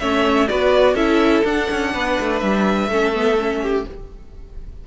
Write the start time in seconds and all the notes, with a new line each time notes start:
0.00 A3 C#4 C#5 E5
0.48 B3 F#4 B4 D5
0.95 C#4 E4 A4 E5
1.45 D4 F#5
1.71 C#4
1.95 B3 B4
2.20 A3
2.40 G3 E5
2.89 A3 C#4 A4
3.14 B3
3.39 C#4
3.63 G4